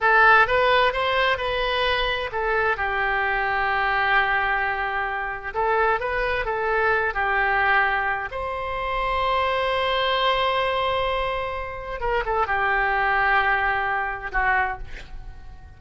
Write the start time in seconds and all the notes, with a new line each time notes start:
0.00 A4
0.47 B4
0.93 C5
1.37 B4
2.32 A4
2.77 G4
5.54 A4
5.99 B4
6.45 A4
7.13 G4
8.31 C5
12.00 A#4
12.25 A4
12.46 G4
14.32 F#4